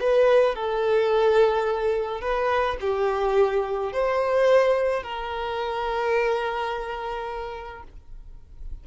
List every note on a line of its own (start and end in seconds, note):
0.00 0.55 B4
0.55 2.21 A4
2.21 2.77 B4
2.80 3.92 G4
3.92 5.03 C5
5.03 7.83 A#4